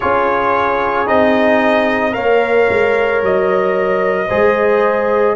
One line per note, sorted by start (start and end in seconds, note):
0.00 1.08 C#4
0.00 1.06 F4
0.00 2.13 G#4
0.00 1.07 C#5
1.06 2.15 C4
1.06 2.11 D#4
1.06 2.13 D#5
2.11 2.69 A#3
2.11 4.26 A#4
2.11 4.27 C#5
2.11 3.21 F5
2.69 3.22 G#3
3.22 4.29 F#3
3.22 5.35 D#5
4.27 5.35 G#3
4.27 5.35 G#4
4.27 5.34 C5